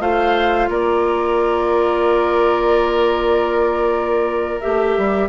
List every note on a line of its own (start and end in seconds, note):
0.00 0.68 A3
0.00 4.61 F4
0.00 0.70 C5
0.00 0.70 F5
0.69 4.61 A#3
0.69 5.29 A#4
0.69 4.61 D5
4.61 4.98 A3
4.61 5.29 G4
4.61 5.29 E5
4.98 5.29 G3